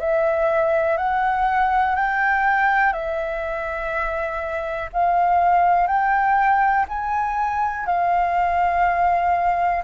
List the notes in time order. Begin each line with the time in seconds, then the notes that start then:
0.00 E5
0.97 F#5
1.96 G5
2.93 E5
4.93 F5
5.87 G5
6.89 G#5
7.86 F5